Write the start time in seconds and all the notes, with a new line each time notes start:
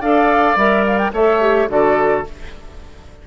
0.00 D4 A4 D5 F5
0.56 G3 A#4 E5
0.86 F5
0.97 G5
1.12 A3 A4 C#5 E5
1.40 G4
1.68 D3 F#4 A4 D5